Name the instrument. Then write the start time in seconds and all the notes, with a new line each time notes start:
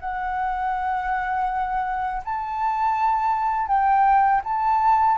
flute
0.00 F#5
2.25 A5
3.67 G5
4.44 A5